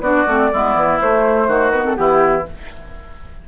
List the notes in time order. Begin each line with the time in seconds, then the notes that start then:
0.00 B3 D4 F#4 D5
0.27 A3 C4
0.53 G#3 B3 E4
0.75 E3
1.00 A3 C5
1.47 D#3 F#4
1.70 B3 B4
1.84 C4 A4
1.95 E3 B3 E4 G4